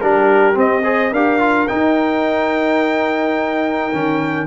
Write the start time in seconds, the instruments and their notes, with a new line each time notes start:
0.00 tuba G3, trombone D4, horn G4, trumpet A#4
0.54 trombone C4, tuba C4, trumpet D#5
0.83 trombone G#4, horn C5
1.11 tuba D4, trombone G4, horn A#4, trumpet F5
1.39 trombone F4
1.67 trombone D#4, tuba D#4, trumpet G5
3.92 tuba D#3, trombone C#4